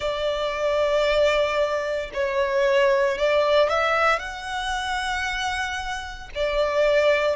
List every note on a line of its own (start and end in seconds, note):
0.00 2.11 D5
2.13 3.18 C#5
3.18 3.68 D5
3.68 4.19 E5
4.19 6.29 F#5
6.34 7.35 D5